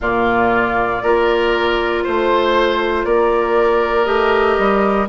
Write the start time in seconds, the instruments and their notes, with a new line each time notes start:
0.00 bassoon A#2, clarinet A#3, oboe F4, flute D5
1.02 bassoon A#3, clarinet F4, oboe A#4
2.03 bassoon A3, oboe C5, flute C5
3.04 bassoon A#3, oboe A#4, flute D5
4.05 bassoon A3, clarinet G4, flute D#5
4.58 bassoon G3